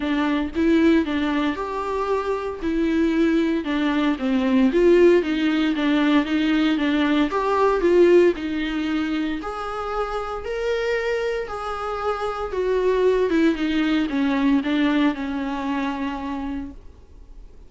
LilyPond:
\new Staff \with { instrumentName = "viola" } { \time 4/4 \tempo 4 = 115 d'4 e'4 d'4 g'4~ | g'4 e'2 d'4 | c'4 f'4 dis'4 d'4 | dis'4 d'4 g'4 f'4 |
dis'2 gis'2 | ais'2 gis'2 | fis'4. e'8 dis'4 cis'4 | d'4 cis'2. | }